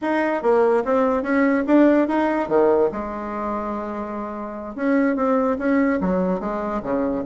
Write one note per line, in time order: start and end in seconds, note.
0.01 0.42 D#4
0.42 0.83 A#3
0.85 1.22 C4
1.22 1.64 C#4
1.66 2.08 D4
2.08 2.48 D#4
2.48 2.90 D#3
2.92 4.75 G#3
4.75 5.16 C#4
5.16 5.57 C4
5.58 5.99 C#4
6.00 6.40 F#3
6.40 6.81 G#3
6.82 7.24 C#3